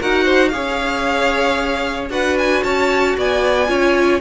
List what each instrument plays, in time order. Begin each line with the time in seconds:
0.00 cello D#4, viola F#4, violin A#4 F#5
0.24 violin C5
0.49 cello C#4, viola G#4, violin C#5 F5
2.10 cello D4, viola F#4, violin B4 F#5
2.38 violin G#5
2.63 cello C#4, violin C#5 A5
3.17 cello B3, violin D5 G#5
3.67 cello C#4, viola F4, violin C#5